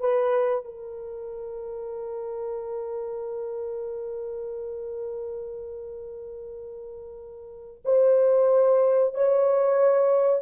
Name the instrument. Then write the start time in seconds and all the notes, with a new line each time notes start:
horn
0.00 B4
0.65 A#4
7.85 C5
9.15 C#5